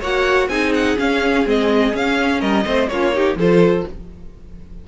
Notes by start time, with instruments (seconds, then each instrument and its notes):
0.00 cello A#3, viola F#4, violin C#5 F#5
0.48 cello C4, viola D#4, violin G#4 G#5
0.74 violin F#5
0.97 viola C#4, cello C#4, violin F5
1.45 cello G#3, viola C4, violin D#5
1.92 viola C#4, cello C#4, violin F5
2.39 cello G3, violin A#4 D#5
2.65 cello A3, viola C4, violin C5
2.88 cello A#3, viola C#4, violin F4 C#5
3.12 viola D#4, violin G4
3.35 cello F3, viola F4, violin A4 C5